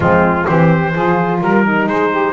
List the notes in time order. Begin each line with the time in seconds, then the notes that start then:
0.00 F3 G#3 C4 F4
0.45 E3 C4 G4 C5
0.93 F3 F4 G#4
1.40 G3 A#4
1.64 D#4
1.86 G#3 G#4 C5
2.10 G4